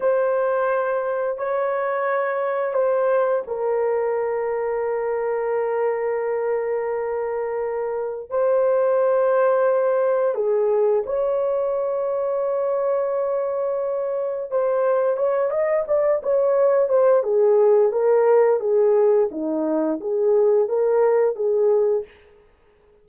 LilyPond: \new Staff \with { instrumentName = "horn" } { \time 4/4 \tempo 4 = 87 c''2 cis''2 | c''4 ais'2.~ | ais'1 | c''2. gis'4 |
cis''1~ | cis''4 c''4 cis''8 dis''8 d''8 cis''8~ | cis''8 c''8 gis'4 ais'4 gis'4 | dis'4 gis'4 ais'4 gis'4 | }